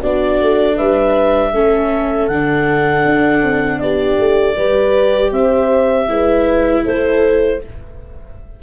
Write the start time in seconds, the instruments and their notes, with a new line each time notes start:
0.00 tuba B3, viola D4, horn F#4, clarinet D5
0.41 tuba A3
0.76 tuba G3, horn B4, clarinet E5
1.52 tuba A3, viola C#4, horn A4
2.28 tuba D3, viola D4, clarinet F#5
3.05 tuba D4
3.42 tuba C4
3.79 tuba B3, horn G4, clarinet D5
4.18 tuba A3
4.56 tuba G3, viola G4, horn B4
5.31 tuba C4, horn C5, clarinet E5
6.07 tuba G#3, viola E4, horn B4
6.84 tuba A3, horn A4, clarinet C5